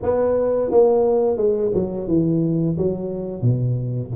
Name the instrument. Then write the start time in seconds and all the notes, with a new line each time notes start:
tuba
0.02 B3
0.71 A#3
1.36 G#3
1.74 F#3
2.07 E3
2.77 F#3
3.41 B2